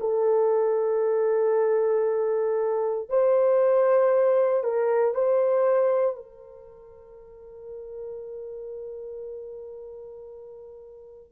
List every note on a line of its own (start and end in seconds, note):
0.00 3.09 A4
3.09 4.64 C5
4.64 5.14 A#4
5.14 6.16 C5
6.16 11.32 A#4